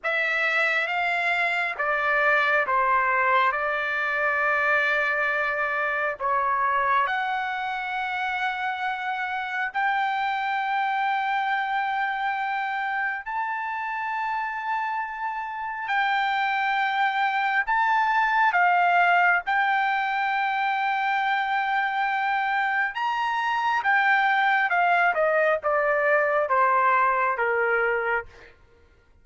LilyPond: \new Staff \with { instrumentName = "trumpet" } { \time 4/4 \tempo 4 = 68 e''4 f''4 d''4 c''4 | d''2. cis''4 | fis''2. g''4~ | g''2. a''4~ |
a''2 g''2 | a''4 f''4 g''2~ | g''2 ais''4 g''4 | f''8 dis''8 d''4 c''4 ais'4 | }